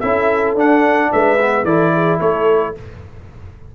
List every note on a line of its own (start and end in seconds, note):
0.00 0.55 C#4
0.00 0.57 E4
0.00 1.09 A4
0.00 0.55 E5
0.55 1.10 D4
0.55 1.39 D4
0.55 1.13 F#5
1.11 1.64 G#3
1.11 1.65 B4
1.11 1.66 E5
1.40 1.66 B3
1.64 2.19 E3
1.64 2.75 E4
1.64 1.93 A4
1.64 2.20 D5
1.93 2.19 G#4
2.19 2.75 A3
2.19 2.74 A4
2.19 2.75 C#5